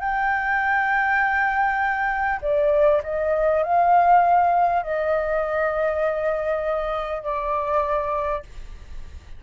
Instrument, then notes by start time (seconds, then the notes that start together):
flute
0.00 G5
2.42 D5
3.03 D#5
3.64 F5
4.83 D#5
7.23 D5